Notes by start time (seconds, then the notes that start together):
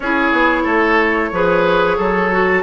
0.00 C#4 E4 G#4 C#5
0.31 B3
0.63 A3 A4
1.32 F3 G#4 B4
1.97 F#3 A4
2.32 F#4
2.47 A5